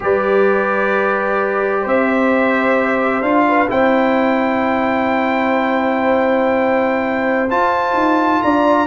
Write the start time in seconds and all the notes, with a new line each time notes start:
0.00 G3 G4 B4 D5
1.81 C4 C5
1.87 E5
3.21 D4 F4 F5
3.48 B4
3.68 C4 E4 C5 G5
7.50 F4 A5
7.93 D#4
8.42 D4 D5 A#5